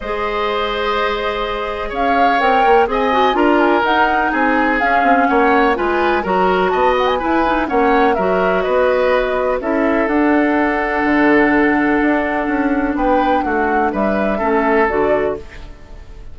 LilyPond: <<
  \new Staff \with { instrumentName = "flute" } { \time 4/4 \tempo 4 = 125 dis''1 | f''4 g''4 gis''4 ais''8 gis''8 | fis''4 gis''4 f''4 fis''4 | gis''4 ais''4 a''8 fis''16 gis''4~ gis''16 |
fis''4 e''4 dis''2 | e''4 fis''2.~ | fis''2. g''4 | fis''4 e''2 d''4 | }
  \new Staff \with { instrumentName = "oboe" } { \time 4/4 c''1 | cis''2 dis''4 ais'4~ | ais'4 gis'2 cis''4 | b'4 ais'4 dis''4 b'4 |
cis''4 ais'4 b'2 | a'1~ | a'2. b'4 | fis'4 b'4 a'2 | }
  \new Staff \with { instrumentName = "clarinet" } { \time 4/4 gis'1~ | gis'4 ais'4 gis'8 fis'8 f'4 | dis'2 cis'2 | f'4 fis'2 e'8 dis'8 |
cis'4 fis'2. | e'4 d'2.~ | d'1~ | d'2 cis'4 fis'4 | }
  \new Staff \with { instrumentName = "bassoon" } { \time 4/4 gis1 | cis'4 c'8 ais8 c'4 d'4 | dis'4 c'4 cis'8 c'8 ais4 | gis4 fis4 b4 e'4 |
ais4 fis4 b2 | cis'4 d'2 d4~ | d4 d'4 cis'4 b4 | a4 g4 a4 d4 | }
>>